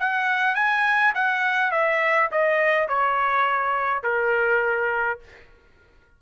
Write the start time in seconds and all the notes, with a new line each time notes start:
0.00 F#5
0.55 G#5
1.15 F#5
1.71 E5
2.31 D#5
2.88 C#5
4.03 A#4